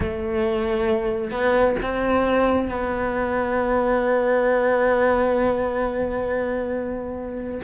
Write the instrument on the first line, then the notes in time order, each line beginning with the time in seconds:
cello
0.00 A3
1.31 B3
1.82 C4
2.68 B3